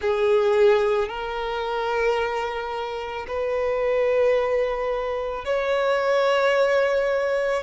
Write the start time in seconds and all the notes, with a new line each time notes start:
0.00 G#4
1.08 A#4
3.27 B4
5.44 C#5